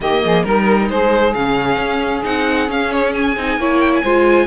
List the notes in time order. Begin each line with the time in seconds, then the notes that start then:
0.00 D#3 A#3 G4 D#5
0.23 F3 G#4
0.43 G3 D#4 A#4
0.89 G#3 G#4 C5
1.34 C#3 C#4 F5
1.77 C#4
2.24 C4 D#4 F#5
2.67 C#4 F5
2.92 C#5
3.13 G#5
3.36 C4 D#4
3.57 A#3 E4 C#5
3.80 G5
3.94 G#5
4.03 G#3 F4 C5